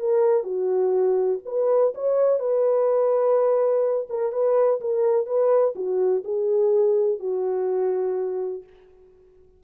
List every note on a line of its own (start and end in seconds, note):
0.00 0.43 A#4
0.43 1.39 F#4
1.46 1.94 B4
1.95 2.39 C#5
2.39 4.07 B4
4.10 4.32 A#4
4.32 4.80 B4
4.81 5.26 A#4
5.26 5.74 B4
5.76 6.24 F#4
6.24 7.20 G#4
7.20 8.64 F#4